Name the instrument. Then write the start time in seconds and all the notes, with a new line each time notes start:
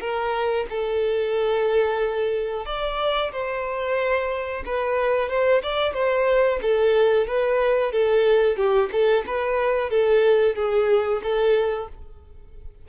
violin
0.00 A#4
0.69 A4
2.65 D5
3.31 C5
4.65 B4
5.29 C5
5.63 D5
5.93 C5
6.62 A4
7.27 B4
7.92 A4
8.57 G4
8.92 A4
9.26 B4
9.90 A4
10.55 G#4
11.22 A4